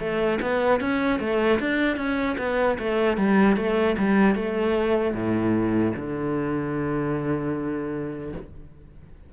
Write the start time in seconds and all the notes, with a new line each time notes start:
0.00 A3
0.42 B3
0.81 C#4
1.20 A3
1.60 D4
1.97 C#4
2.39 B3
2.79 A3
3.18 G3
3.57 A3
3.99 G3
4.36 A3
5.14 A2
5.96 D3